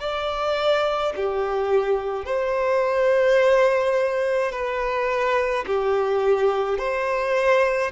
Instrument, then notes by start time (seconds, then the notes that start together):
violin
0.00 D5
1.17 G4
2.26 C5
4.52 B4
5.67 G4
6.78 C5